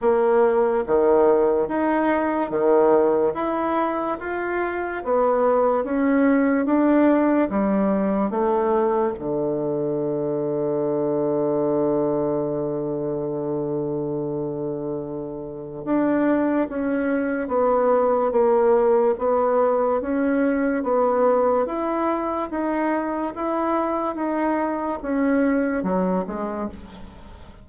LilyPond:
\new Staff \with { instrumentName = "bassoon" } { \time 4/4 \tempo 4 = 72 ais4 dis4 dis'4 dis4 | e'4 f'4 b4 cis'4 | d'4 g4 a4 d4~ | d1~ |
d2. d'4 | cis'4 b4 ais4 b4 | cis'4 b4 e'4 dis'4 | e'4 dis'4 cis'4 fis8 gis8 | }